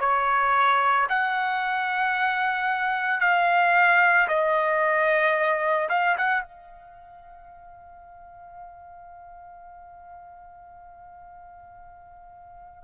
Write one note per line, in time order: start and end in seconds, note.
0.00 1.07 C#5
1.10 3.21 F#5
3.21 4.28 F5
4.29 5.89 D#5
5.89 6.16 F5
6.18 6.42 F#5
6.42 12.84 F5